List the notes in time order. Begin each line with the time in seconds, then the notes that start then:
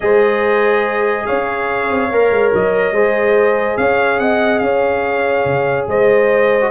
0.00 G#3 G#4 C5 D#5
1.26 C#4 C#5 F5
1.90 C4
2.11 A#3 A#4
2.30 G#3
2.53 F#3 D#5
2.91 G#3 G#4 C5
3.77 C#4 C#5 F5
4.19 C4 D#5 F#5
4.59 C#4 C#5 F5
5.44 C#3
5.87 G#3 C5 D#5
6.60 F#4